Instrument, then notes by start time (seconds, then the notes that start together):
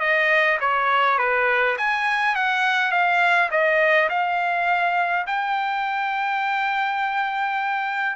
trumpet
0.00 D#5
0.61 C#5
1.18 B4
1.78 G#5
2.36 F#5
2.92 F5
3.51 D#5
4.09 F5
5.27 G5